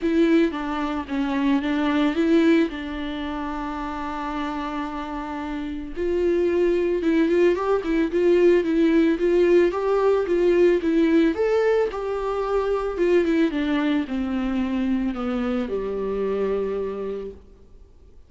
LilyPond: \new Staff \with { instrumentName = "viola" } { \time 4/4 \tempo 4 = 111 e'4 d'4 cis'4 d'4 | e'4 d'2.~ | d'2. f'4~ | f'4 e'8 f'8 g'8 e'8 f'4 |
e'4 f'4 g'4 f'4 | e'4 a'4 g'2 | f'8 e'8 d'4 c'2 | b4 g2. | }